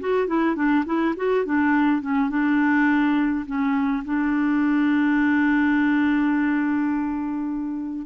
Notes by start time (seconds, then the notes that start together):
0.00 F#4
0.27 E4
0.56 D4
0.86 E4
1.16 F#4
1.45 D4
2.02 C#4
2.30 D4
3.46 C#4
4.05 D4